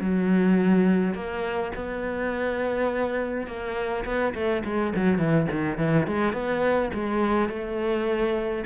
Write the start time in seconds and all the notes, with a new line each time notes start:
0.00 F#3
1.14 A#3
1.75 B3
3.47 A#3
4.05 B3
4.34 A3
4.64 G#3
4.95 F#3
5.18 E3
5.51 D#3
5.78 E3
6.07 G#3
6.33 B3
6.93 G#3
7.49 A3